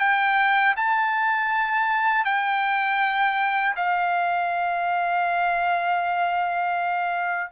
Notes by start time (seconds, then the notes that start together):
0.00 G5
0.77 A5
2.25 G5
3.76 F5